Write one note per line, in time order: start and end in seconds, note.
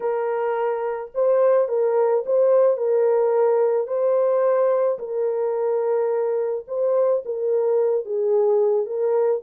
0.00 1.11 A#4
1.14 1.68 C5
1.68 2.24 A#4
2.26 2.77 C5
2.77 3.87 A#4
3.87 4.98 C5
4.98 6.65 A#4
6.67 7.23 C5
7.25 8.05 A#4
8.05 8.86 G#4
8.86 9.41 A#4